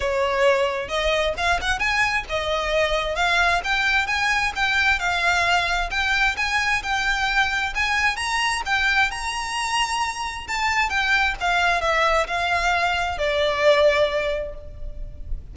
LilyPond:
\new Staff \with { instrumentName = "violin" } { \time 4/4 \tempo 4 = 132 cis''2 dis''4 f''8 fis''8 | gis''4 dis''2 f''4 | g''4 gis''4 g''4 f''4~ | f''4 g''4 gis''4 g''4~ |
g''4 gis''4 ais''4 g''4 | ais''2. a''4 | g''4 f''4 e''4 f''4~ | f''4 d''2. | }